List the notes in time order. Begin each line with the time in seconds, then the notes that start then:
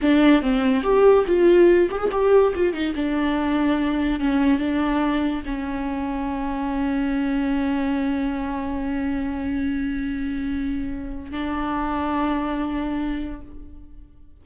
0.01 D4
0.42 C4
0.82 G4
1.26 F4
1.90 G4
1.98 G#4
2.11 G4
2.55 F4
2.73 D#4
2.95 D4
4.20 C#4
4.58 D4
5.45 C#4
11.31 D4